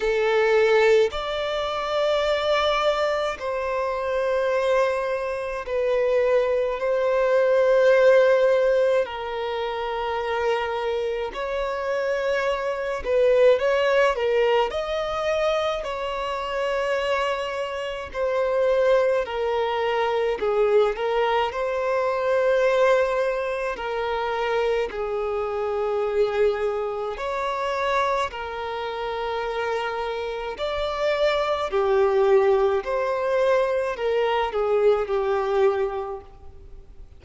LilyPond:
\new Staff \with { instrumentName = "violin" } { \time 4/4 \tempo 4 = 53 a'4 d''2 c''4~ | c''4 b'4 c''2 | ais'2 cis''4. b'8 | cis''8 ais'8 dis''4 cis''2 |
c''4 ais'4 gis'8 ais'8 c''4~ | c''4 ais'4 gis'2 | cis''4 ais'2 d''4 | g'4 c''4 ais'8 gis'8 g'4 | }